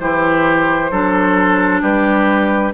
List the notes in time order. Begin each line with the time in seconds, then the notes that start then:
0.00 E3 E4 G4 C5
0.92 F#3 D4 A4
1.82 G3 G4 B4